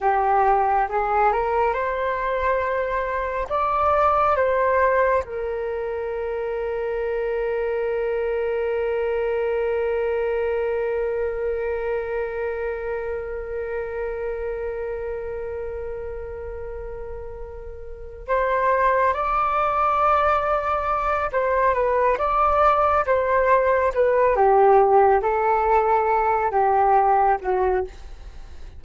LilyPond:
\new Staff \with { instrumentName = "flute" } { \time 4/4 \tempo 4 = 69 g'4 gis'8 ais'8 c''2 | d''4 c''4 ais'2~ | ais'1~ | ais'1~ |
ais'1~ | ais'4 c''4 d''2~ | d''8 c''8 b'8 d''4 c''4 b'8 | g'4 a'4. g'4 fis'8 | }